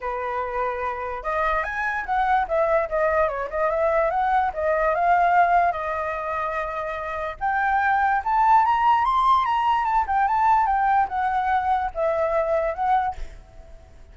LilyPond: \new Staff \with { instrumentName = "flute" } { \time 4/4 \tempo 4 = 146 b'2. dis''4 | gis''4 fis''4 e''4 dis''4 | cis''8 dis''8 e''4 fis''4 dis''4 | f''2 dis''2~ |
dis''2 g''2 | a''4 ais''4 c'''4 ais''4 | a''8 g''8 a''4 g''4 fis''4~ | fis''4 e''2 fis''4 | }